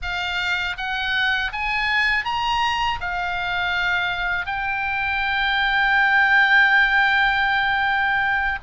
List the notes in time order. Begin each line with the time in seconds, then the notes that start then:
0.01 F5
0.77 F#5
1.52 G#5
2.24 A#5
3.00 F5
4.46 G5